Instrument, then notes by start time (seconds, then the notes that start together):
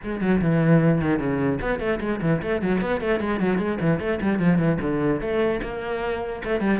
cello
0.03 G#3
0.20 F#3
0.41 E3
1.01 D#3
1.19 C#3
1.61 B3
1.79 A3
2.00 G#3
2.21 E3
2.41 A3
2.61 F#3
2.81 B3
3.00 A3
3.19 G#3
3.40 F#3
3.58 G#3
3.81 E3
3.99 A3
4.21 G3
4.39 F3
4.58 E3
4.81 D3
5.21 A3
5.62 A#3
6.44 A3
6.60 G3